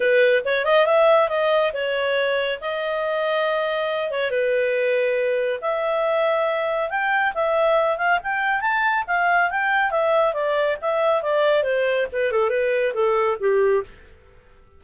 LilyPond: \new Staff \with { instrumentName = "clarinet" } { \time 4/4 \tempo 4 = 139 b'4 cis''8 dis''8 e''4 dis''4 | cis''2 dis''2~ | dis''4. cis''8 b'2~ | b'4 e''2. |
g''4 e''4. f''8 g''4 | a''4 f''4 g''4 e''4 | d''4 e''4 d''4 c''4 | b'8 a'8 b'4 a'4 g'4 | }